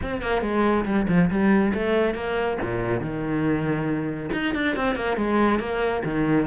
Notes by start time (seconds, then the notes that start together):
0.02 C4
0.21 A#3
0.41 G#3
0.85 G3
1.08 F3
1.30 G3
1.74 A3
2.14 A#3
2.61 A#2
3.00 D#3
4.33 D#4
4.54 D4
4.76 C4
4.95 A#3
5.16 G#3
5.59 A#3
6.04 D#3